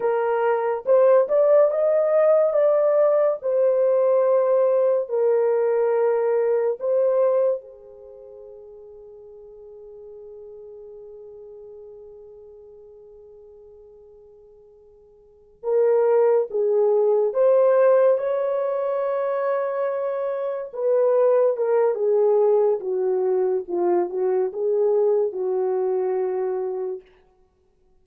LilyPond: \new Staff \with { instrumentName = "horn" } { \time 4/4 \tempo 4 = 71 ais'4 c''8 d''8 dis''4 d''4 | c''2 ais'2 | c''4 gis'2.~ | gis'1~ |
gis'2~ gis'8 ais'4 gis'8~ | gis'8 c''4 cis''2~ cis''8~ | cis''8 b'4 ais'8 gis'4 fis'4 | f'8 fis'8 gis'4 fis'2 | }